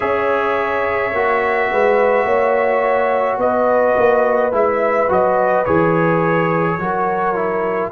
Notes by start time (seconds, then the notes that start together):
0.00 C#4 G#4 C#5 E5
1.13 A#3 F#4
1.70 G#3 B4
2.24 A#3 C#5
3.37 B3 B4 D#5
3.97 A#3
4.52 G#3 E4 E5
5.08 F#3 F#4 D#5
5.65 E3 G#4 C#5
6.77 F#3 F#4 A#4
7.35 E4